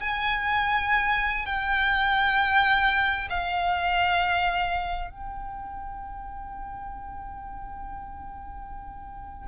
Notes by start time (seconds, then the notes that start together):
0.00 G#5
1.46 G5
3.30 F5
5.10 G5